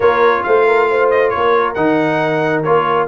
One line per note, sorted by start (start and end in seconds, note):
0.00 0.42 A#3
0.00 1.76 F4
0.00 0.42 A#4
0.00 0.43 C#5
0.43 1.35 A3
0.43 0.67 C5
0.43 1.09 F5
0.67 0.89 A#4
0.90 1.34 C5
1.10 1.29 D#5
1.29 1.76 A#3
1.29 1.73 C#5
1.35 3.08 A#4
1.74 2.64 D#3
1.74 2.64 D#4
1.74 2.62 F#5
2.63 3.08 A#3
2.63 3.08 F4
2.63 3.07 C#5